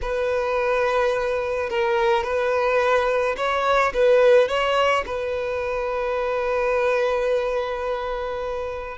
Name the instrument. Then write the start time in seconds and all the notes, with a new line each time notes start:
violin
0.01 B4
1.69 A#4
2.23 B4
3.36 C#5
3.93 B4
4.48 C#5
5.05 B4